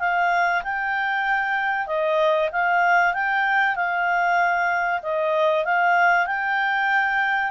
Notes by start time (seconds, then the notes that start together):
0.00 F5
0.64 G5
1.87 D#5
2.52 F5
3.14 G5
3.76 F5
5.03 D#5
5.65 F5
6.27 G5